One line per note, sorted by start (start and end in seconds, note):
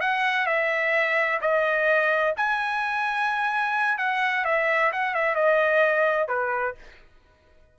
0.00 0.46 F#5
0.46 1.39 E5
1.41 2.34 D#5
2.37 3.98 G#5
3.98 4.44 F#5
4.45 4.91 E5
4.92 5.14 F#5
5.14 5.35 E5
5.35 6.28 D#5
6.28 6.74 B4